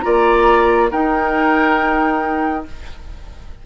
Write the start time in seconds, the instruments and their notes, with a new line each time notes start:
0.00 bassoon A#3, clarinet F4, oboe D5, flute A#5
0.90 clarinet D#4, bassoon D#4, oboe A#4, flute G5